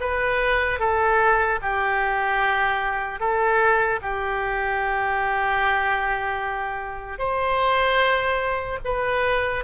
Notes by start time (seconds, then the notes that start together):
0.00 B4
0.80 A4
1.62 G4
3.20 A4
4.02 G4
7.19 C5
8.85 B4